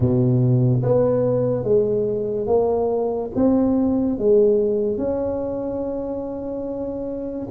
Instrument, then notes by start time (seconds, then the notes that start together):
tuba
0.00 B2
0.83 B3
1.63 G#3
2.47 A#3
3.35 C4
4.18 G#3
4.97 C#4